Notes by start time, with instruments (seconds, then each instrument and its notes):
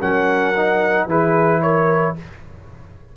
0.00 tuba F#3, trombone C#4, horn A#4, trumpet F#5
0.57 trombone D#4
1.06 tuba E3, trombone E4, horn G#4, trumpet B4
1.62 horn A#4, trumpet C#5